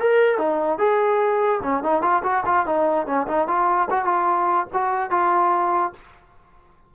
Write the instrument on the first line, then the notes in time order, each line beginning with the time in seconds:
trombone
0.00 A#4
0.38 D#4
0.78 G#4
1.63 C#4
1.83 D#4
2.02 F4
2.24 F#4
2.46 F4
2.66 D#4
3.07 C#4
3.27 D#4
3.48 F4
3.91 F#4
4.05 F4
4.73 F#4
5.11 F4